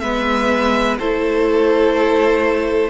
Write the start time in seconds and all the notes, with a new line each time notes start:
0.00 G#3 B3 B4 E5
0.99 A3 E4 A4 C5